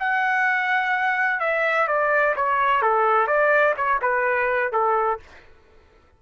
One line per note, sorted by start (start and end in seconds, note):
0.00 1.41 F#5
1.41 1.88 E5
1.88 2.35 D5
2.36 2.82 C#5
2.82 3.27 A4
3.27 3.75 D5
3.77 4.01 C#5
4.02 4.73 B4
4.73 5.20 A4